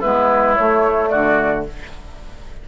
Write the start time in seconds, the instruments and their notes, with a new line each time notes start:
0.00 bassoon G#3, clarinet B3, oboe E4, flute B4
0.55 clarinet A3, bassoon A3, flute C#5
1.09 bassoon D3, oboe F#4, flute D5